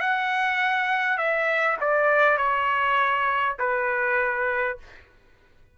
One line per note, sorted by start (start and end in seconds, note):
0.00 1.17 F#5
1.17 1.77 E5
1.80 2.37 D5
2.37 3.56 C#5
3.59 4.77 B4